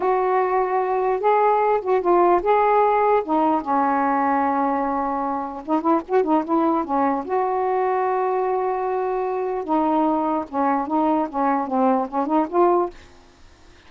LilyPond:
\new Staff \with { instrumentName = "saxophone" } { \time 4/4 \tempo 4 = 149 fis'2. gis'4~ | gis'8 fis'8 f'4 gis'2 | dis'4 cis'2.~ | cis'2 dis'8 e'8 fis'8 dis'8 |
e'4 cis'4 fis'2~ | fis'1 | dis'2 cis'4 dis'4 | cis'4 c'4 cis'8 dis'8 f'4 | }